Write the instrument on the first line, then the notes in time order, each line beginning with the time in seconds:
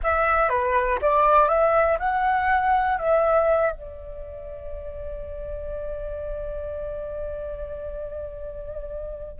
flute
0.03 E5
0.49 B4
1.01 D5
1.48 E5
1.99 F#5
2.98 E5
3.71 D5